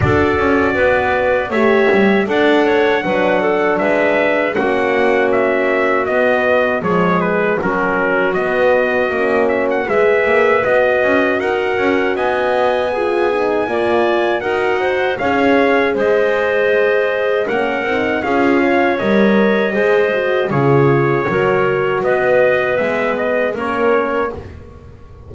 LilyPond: <<
  \new Staff \with { instrumentName = "trumpet" } { \time 4/4 \tempo 4 = 79 d''2 e''4 fis''4~ | fis''4 e''4 fis''4 e''4 | dis''4 cis''8 b'8 ais'4 dis''4~ | dis''8 e''16 fis''16 e''4 dis''4 fis''4 |
gis''2. fis''4 | f''4 dis''2 fis''4 | f''4 dis''2 cis''4~ | cis''4 dis''4 e''8 dis''8 cis''4 | }
  \new Staff \with { instrumentName = "clarinet" } { \time 4/4 a'4 b'4 cis''4 d''8 cis''8 | b'8 a'8 b'4 fis'2~ | fis'4 gis'4 fis'2~ | fis'4 b'2 ais'4 |
dis''4 gis'4 d''4 ais'8 c''8 | cis''4 c''2 ais'4 | gis'8 cis''4. c''4 gis'4 | ais'4 b'2 ais'4 | }
  \new Staff \with { instrumentName = "horn" } { \time 4/4 fis'2 g'4 a'4 | d'2 cis'2 | b4 gis4 cis'4 b4 | cis'4 gis'4 fis'2~ |
fis'4 f'8 dis'8 f'4 fis'4 | gis'2. cis'8 dis'8 | f'4 ais'4 gis'8 fis'8 f'4 | fis'2 b4 cis'4 | }
  \new Staff \with { instrumentName = "double bass" } { \time 4/4 d'8 cis'8 b4 a8 g8 d'4 | fis4 gis4 ais2 | b4 f4 fis4 b4 | ais4 gis8 ais8 b8 cis'8 dis'8 cis'8 |
b2 ais4 dis'4 | cis'4 gis2 ais8 c'8 | cis'4 g4 gis4 cis4 | fis4 b4 gis4 ais4 | }
>>